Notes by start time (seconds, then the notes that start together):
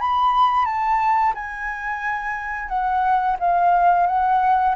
0.00 B5
0.65 A5
1.35 G#5
2.68 F#5
3.39 F5
4.07 F#5